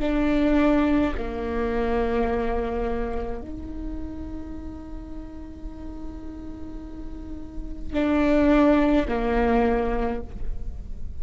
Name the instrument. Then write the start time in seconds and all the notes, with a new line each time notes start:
viola
0.00 D4
1.18 A#3
3.42 D#4
7.93 D4
9.08 A#3